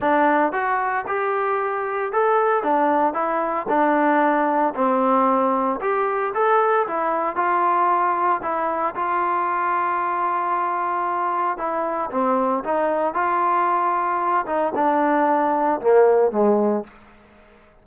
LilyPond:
\new Staff \with { instrumentName = "trombone" } { \time 4/4 \tempo 4 = 114 d'4 fis'4 g'2 | a'4 d'4 e'4 d'4~ | d'4 c'2 g'4 | a'4 e'4 f'2 |
e'4 f'2.~ | f'2 e'4 c'4 | dis'4 f'2~ f'8 dis'8 | d'2 ais4 gis4 | }